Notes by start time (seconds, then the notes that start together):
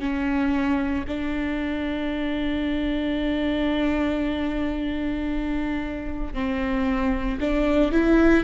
0.00 C#4
1.08 D4
6.34 C4
7.41 D4
7.92 E4